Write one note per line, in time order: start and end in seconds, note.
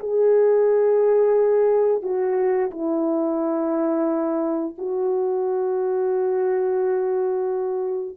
0.00 2.03 G#4
2.03 2.71 F#4
2.71 4.76 E4
4.79 8.17 F#4